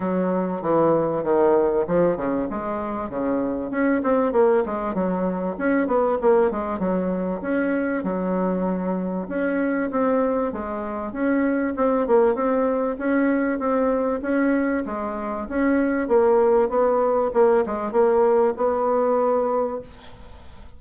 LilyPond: \new Staff \with { instrumentName = "bassoon" } { \time 4/4 \tempo 4 = 97 fis4 e4 dis4 f8 cis8 | gis4 cis4 cis'8 c'8 ais8 gis8 | fis4 cis'8 b8 ais8 gis8 fis4 | cis'4 fis2 cis'4 |
c'4 gis4 cis'4 c'8 ais8 | c'4 cis'4 c'4 cis'4 | gis4 cis'4 ais4 b4 | ais8 gis8 ais4 b2 | }